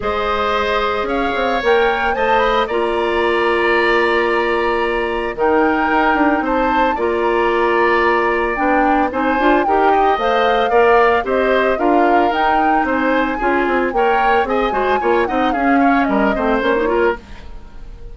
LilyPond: <<
  \new Staff \with { instrumentName = "flute" } { \time 4/4 \tempo 4 = 112 dis''2 f''4 g''4 | a''8 b''8 ais''2.~ | ais''2 g''2 | a''4 ais''2. |
g''4 gis''4 g''4 f''4~ | f''4 dis''4 f''4 g''4 | gis''2 g''4 gis''4~ | gis''8 fis''8 f''4 dis''4 cis''4 | }
  \new Staff \with { instrumentName = "oboe" } { \time 4/4 c''2 cis''2 | dis''4 d''2.~ | d''2 ais'2 | c''4 d''2.~ |
d''4 c''4 ais'8 dis''4. | d''4 c''4 ais'2 | c''4 gis'4 cis''4 dis''8 c''8 | cis''8 dis''8 gis'8 cis''8 ais'8 c''4 ais'8 | }
  \new Staff \with { instrumentName = "clarinet" } { \time 4/4 gis'2. ais'4 | c''4 f'2.~ | f'2 dis'2~ | dis'4 f'2. |
d'4 dis'8 f'8 g'4 c''4 | ais'4 g'4 f'4 dis'4~ | dis'4 f'4 ais'4 gis'8 fis'8 | f'8 dis'8 cis'4. c'8 cis'16 dis'16 f'8 | }
  \new Staff \with { instrumentName = "bassoon" } { \time 4/4 gis2 cis'8 c'8 ais4 | a4 ais2.~ | ais2 dis4 dis'8 d'8 | c'4 ais2. |
b4 c'8 d'8 dis'4 a4 | ais4 c'4 d'4 dis'4 | c'4 cis'8 c'8 ais4 c'8 gis8 | ais8 c'8 cis'4 g8 a8 ais4 | }
>>